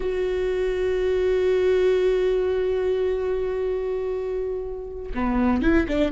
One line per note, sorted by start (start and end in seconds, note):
0.00 5.12 F#4
5.14 5.62 B3
5.62 5.87 E4
5.88 6.12 D4